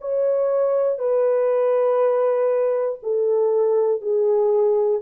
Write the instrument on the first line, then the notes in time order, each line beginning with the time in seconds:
horn
0.00 C#5
0.98 B4
3.02 A4
4.01 G#4